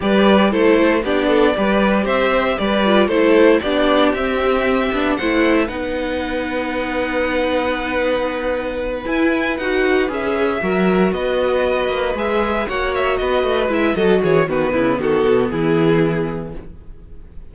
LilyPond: <<
  \new Staff \with { instrumentName = "violin" } { \time 4/4 \tempo 4 = 116 d''4 c''4 d''2 | e''4 d''4 c''4 d''4 | e''2 fis''8. e''16 fis''4~ | fis''1~ |
fis''4. gis''4 fis''4 e''8~ | e''4. dis''2 e''8~ | e''8 fis''8 e''8 dis''4 e''8 dis''8 cis''8 | b'4 a'4 gis'2 | }
  \new Staff \with { instrumentName = "violin" } { \time 4/4 b'4 a'4 g'8 a'8 b'4 | c''4 b'4 a'4 g'4~ | g'2 c''4 b'4~ | b'1~ |
b'1~ | b'8 ais'4 b'2~ b'8~ | b'8 cis''4 b'4. a'8 gis'8 | fis'8 e'8 fis'4 e'2 | }
  \new Staff \with { instrumentName = "viola" } { \time 4/4 g'4 e'4 d'4 g'4~ | g'4. f'8 e'4 d'4 | c'4. d'8 e'4 dis'4~ | dis'1~ |
dis'4. e'4 fis'4 gis'8~ | gis'8 fis'2. gis'8~ | gis'8 fis'2 e'8 fis'4 | b1 | }
  \new Staff \with { instrumentName = "cello" } { \time 4/4 g4 a4 b4 g4 | c'4 g4 a4 b4 | c'4. b8 a4 b4~ | b1~ |
b4. e'4 dis'4 cis'8~ | cis'8 fis4 b4. ais8 gis8~ | gis8 ais4 b8 a8 gis8 fis8 e8 | dis8 cis8 dis8 b,8 e2 | }
>>